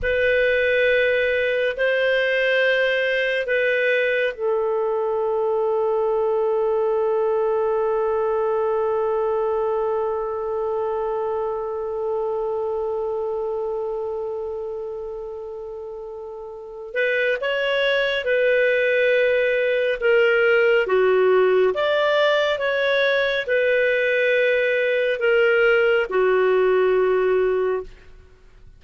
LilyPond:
\new Staff \with { instrumentName = "clarinet" } { \time 4/4 \tempo 4 = 69 b'2 c''2 | b'4 a'2.~ | a'1~ | a'1~ |
a'2.~ a'8 b'8 | cis''4 b'2 ais'4 | fis'4 d''4 cis''4 b'4~ | b'4 ais'4 fis'2 | }